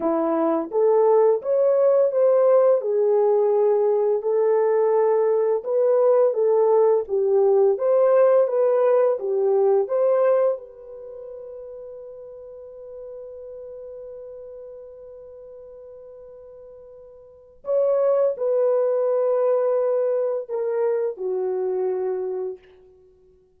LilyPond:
\new Staff \with { instrumentName = "horn" } { \time 4/4 \tempo 4 = 85 e'4 a'4 cis''4 c''4 | gis'2 a'2 | b'4 a'4 g'4 c''4 | b'4 g'4 c''4 b'4~ |
b'1~ | b'1~ | b'4 cis''4 b'2~ | b'4 ais'4 fis'2 | }